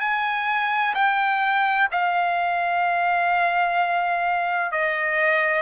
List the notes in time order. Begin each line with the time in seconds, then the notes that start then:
0.00 G#5
0.94 G5
1.91 F5
4.71 D#5